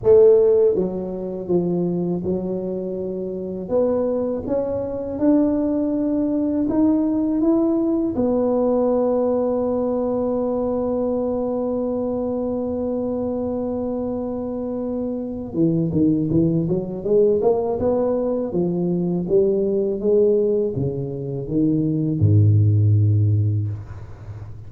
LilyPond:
\new Staff \with { instrumentName = "tuba" } { \time 4/4 \tempo 4 = 81 a4 fis4 f4 fis4~ | fis4 b4 cis'4 d'4~ | d'4 dis'4 e'4 b4~ | b1~ |
b1~ | b4 e8 dis8 e8 fis8 gis8 ais8 | b4 f4 g4 gis4 | cis4 dis4 gis,2 | }